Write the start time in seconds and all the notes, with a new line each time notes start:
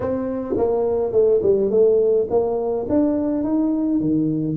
0.00 C4
0.56 A#3
1.12 A3
1.42 G3
1.70 A3
2.29 A#3
2.89 D4
3.43 D#4
4.00 D#3